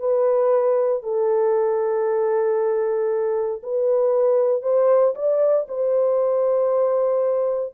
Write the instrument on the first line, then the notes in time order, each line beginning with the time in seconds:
horn
0.00 B4
1.03 A4
3.63 B4
4.63 C5
5.15 D5
5.69 C5